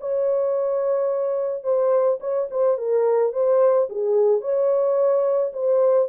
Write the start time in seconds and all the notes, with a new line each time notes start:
0.00 C#5
1.63 C5
2.20 C#5
2.51 C5
2.78 A#4
3.33 C5
3.89 G#4
4.41 C#5
5.53 C5